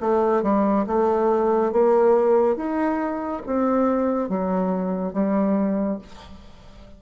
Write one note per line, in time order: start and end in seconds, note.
0.00 0.42 A3
0.42 0.85 G3
0.86 1.72 A3
1.72 2.56 A#3
2.56 3.42 D#4
3.46 4.29 C4
4.29 5.13 F#3
5.13 5.98 G3